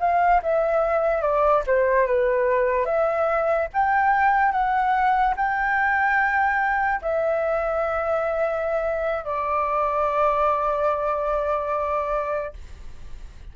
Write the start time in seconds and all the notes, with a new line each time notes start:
0.00 F5
0.43 E5
1.22 D5
1.67 C5
2.07 B4
2.86 E5
3.74 G5
4.52 F#5
5.36 G5
7.02 E5
9.25 D5